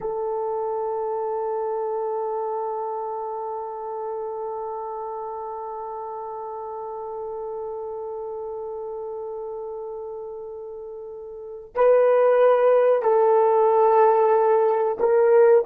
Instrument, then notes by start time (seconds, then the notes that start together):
horn
0.00 A4
11.74 B4
13.02 A4
14.99 A#4